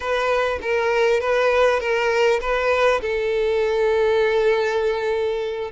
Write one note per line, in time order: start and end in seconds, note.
0.00 0.59 B4
0.61 1.20 A#4
1.20 1.79 B4
1.79 2.39 A#4
2.40 3.00 B4
3.01 5.71 A4